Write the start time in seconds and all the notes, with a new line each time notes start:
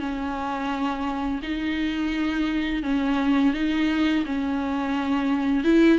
0.00 C#4
1.42 D#4
2.83 C#4
3.54 D#4
4.26 C#4
5.64 E4